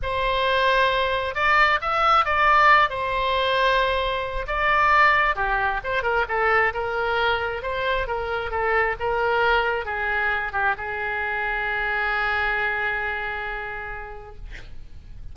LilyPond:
\new Staff \with { instrumentName = "oboe" } { \time 4/4 \tempo 4 = 134 c''2. d''4 | e''4 d''4. c''4.~ | c''2 d''2 | g'4 c''8 ais'8 a'4 ais'4~ |
ais'4 c''4 ais'4 a'4 | ais'2 gis'4. g'8 | gis'1~ | gis'1 | }